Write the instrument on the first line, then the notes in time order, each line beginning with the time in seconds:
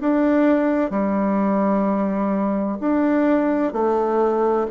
bassoon
0.00 D4
0.90 G3
2.80 D4
3.72 A3